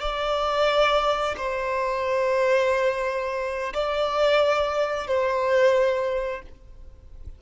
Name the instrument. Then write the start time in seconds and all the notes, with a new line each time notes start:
violin
0.00 D5
1.37 C5
3.73 D5
5.07 C5